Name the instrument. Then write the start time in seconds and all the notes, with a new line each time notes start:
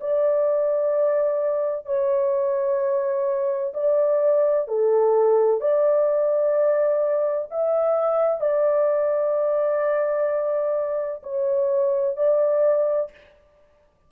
horn
0.00 D5
1.85 C#5
3.74 D5
4.67 A4
5.60 D5
7.50 E5
8.40 D5
11.23 C#5
12.17 D5